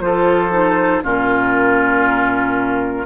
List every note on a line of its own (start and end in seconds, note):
0.00 1.02 F3
0.00 0.51 F4
0.00 1.04 A4
0.00 1.03 C5
0.51 1.02 D#4
1.03 3.06 A#2
1.03 3.06 C#4
1.03 3.06 F4
1.03 3.06 A#4